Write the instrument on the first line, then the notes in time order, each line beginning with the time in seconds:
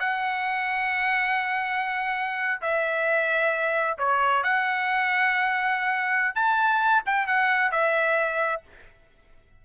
trumpet
0.00 F#5
2.62 E5
3.99 C#5
4.44 F#5
6.35 A5
7.06 G5
7.27 F#5
7.72 E5